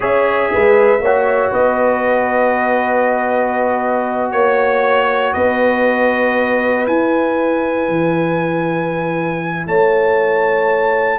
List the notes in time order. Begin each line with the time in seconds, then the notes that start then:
0.00 C#4 G#4 C#5 E5
0.53 G#3 B4
1.00 A#3 F#4 C#5
1.51 B3 B4 D#5
4.31 A#3 C#5
5.33 B3 B4 D#5
6.86 E4 G#5
7.88 E3
9.66 A3 C#5 A5